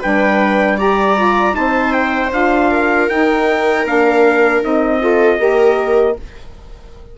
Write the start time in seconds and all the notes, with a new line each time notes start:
0.00 G3 D4 B4 G5
0.78 G4 D5 A#5
1.17 F4
1.53 C4 D#4 C5 A5
1.93 G5
2.32 D4 F4 F5
2.71 A#4
3.09 D#4 G5
3.85 A#3 D4 F5
4.63 C4 D#4 D#5
5.01 F4 A4
5.39 A#3 G4 A#4